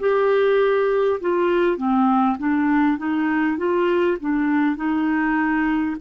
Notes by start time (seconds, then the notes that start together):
0.00 G4
1.21 F4
1.78 C4
2.38 D4
2.98 D#4
3.58 F4
4.21 D4
4.77 D#4